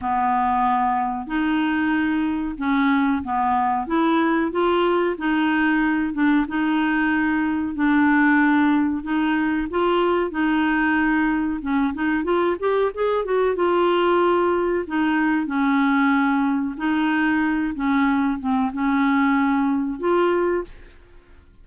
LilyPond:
\new Staff \with { instrumentName = "clarinet" } { \time 4/4 \tempo 4 = 93 b2 dis'2 | cis'4 b4 e'4 f'4 | dis'4. d'8 dis'2 | d'2 dis'4 f'4 |
dis'2 cis'8 dis'8 f'8 g'8 | gis'8 fis'8 f'2 dis'4 | cis'2 dis'4. cis'8~ | cis'8 c'8 cis'2 f'4 | }